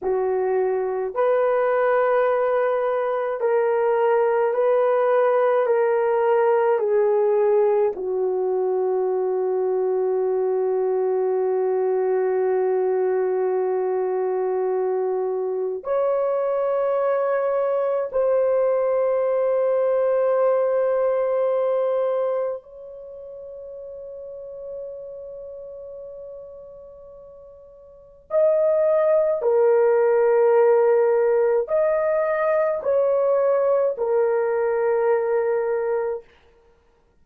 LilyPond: \new Staff \with { instrumentName = "horn" } { \time 4/4 \tempo 4 = 53 fis'4 b'2 ais'4 | b'4 ais'4 gis'4 fis'4~ | fis'1~ | fis'2 cis''2 |
c''1 | cis''1~ | cis''4 dis''4 ais'2 | dis''4 cis''4 ais'2 | }